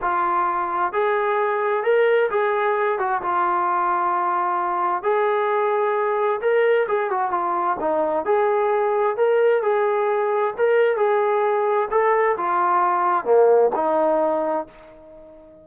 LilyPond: \new Staff \with { instrumentName = "trombone" } { \time 4/4 \tempo 4 = 131 f'2 gis'2 | ais'4 gis'4. fis'8 f'4~ | f'2. gis'4~ | gis'2 ais'4 gis'8 fis'8 |
f'4 dis'4 gis'2 | ais'4 gis'2 ais'4 | gis'2 a'4 f'4~ | f'4 ais4 dis'2 | }